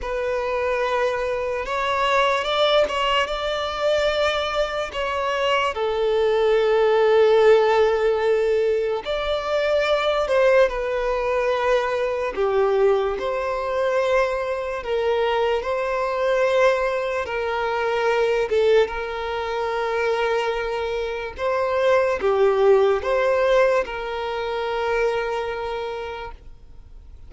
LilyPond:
\new Staff \with { instrumentName = "violin" } { \time 4/4 \tempo 4 = 73 b'2 cis''4 d''8 cis''8 | d''2 cis''4 a'4~ | a'2. d''4~ | d''8 c''8 b'2 g'4 |
c''2 ais'4 c''4~ | c''4 ais'4. a'8 ais'4~ | ais'2 c''4 g'4 | c''4 ais'2. | }